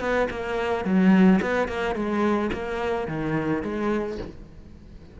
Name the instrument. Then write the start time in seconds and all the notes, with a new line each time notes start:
cello
0.00 B3
0.30 A#3
0.85 F#3
1.42 B3
1.68 A#3
1.95 G#3
2.53 A#3
3.08 D#3
3.63 G#3